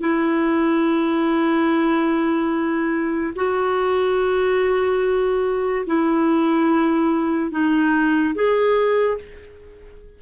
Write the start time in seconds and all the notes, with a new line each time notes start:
0.00 E4
3.36 F#4
5.86 E4
7.51 D#4
8.35 G#4